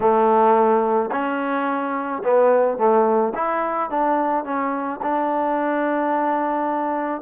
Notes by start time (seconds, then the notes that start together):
0.00 A3
1.11 C#4
2.23 B3
2.77 A3
3.34 E4
3.89 D4
4.44 C#4
5.02 D4